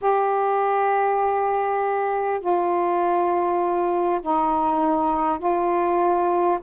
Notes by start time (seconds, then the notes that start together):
0.01 G4
2.40 F4
4.21 D#4
5.38 F4